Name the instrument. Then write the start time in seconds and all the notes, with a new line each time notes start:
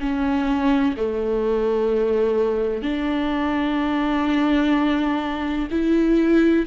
viola
0.00 C#4
0.97 A3
2.82 D4
5.71 E4